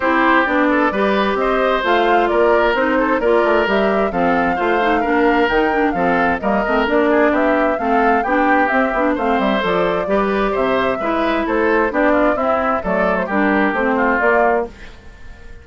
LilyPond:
<<
  \new Staff \with { instrumentName = "flute" } { \time 4/4 \tempo 4 = 131 c''4 d''2 dis''4 | f''4 d''4 c''4 d''4 | e''4 f''2. | g''4 f''4 dis''4 d''4 |
e''4 f''4 g''4 e''4 | f''8 e''8 d''2 e''4~ | e''4 c''4 d''4 e''4 | d''8. c''16 ais'4 c''4 d''4 | }
  \new Staff \with { instrumentName = "oboe" } { \time 4/4 g'4. a'8 b'4 c''4~ | c''4 ais'4. a'8 ais'4~ | ais'4 a'4 c''4 ais'4~ | ais'4 a'4 ais'4. gis'8 |
g'4 a'4 g'2 | c''2 b'4 c''4 | b'4 a'4 g'8 f'8 e'4 | a'4 g'4. f'4. | }
  \new Staff \with { instrumentName = "clarinet" } { \time 4/4 e'4 d'4 g'2 | f'2 dis'4 f'4 | g'4 c'4 f'8 dis'8 d'4 | dis'8 d'8 c'4 ais8 c'8 d'4~ |
d'4 c'4 d'4 c'8 d'8 | c'4 a'4 g'2 | e'2 d'4 c'4 | a4 d'4 c'4 ais4 | }
  \new Staff \with { instrumentName = "bassoon" } { \time 4/4 c'4 b4 g4 c'4 | a4 ais4 c'4 ais8 a8 | g4 f4 a4 ais4 | dis4 f4 g8 a8 ais4 |
b4 a4 b4 c'8 b8 | a8 g8 f4 g4 c4 | gis4 a4 b4 c'4 | fis4 g4 a4 ais4 | }
>>